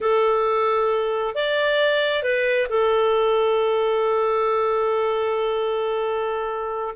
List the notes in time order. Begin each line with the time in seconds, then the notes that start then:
0.00 A4
1.35 D5
2.22 B4
2.69 A4